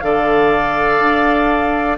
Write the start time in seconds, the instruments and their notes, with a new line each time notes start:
0.00 bassoon D3, clarinet A4, oboe D5, flute F5
0.99 bassoon D4